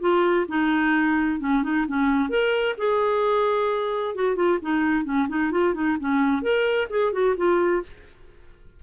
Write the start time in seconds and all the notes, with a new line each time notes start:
0.00 F4
0.48 D#4
1.40 C#4
1.63 D#4
1.87 C#4
2.29 A#4
2.78 G#4
4.15 F#4
4.36 F4
4.62 D#4
5.04 C#4
5.28 D#4
5.51 F4
5.74 D#4
6.00 C#4
6.42 A#4
6.90 G#4
7.12 F#4
7.37 F4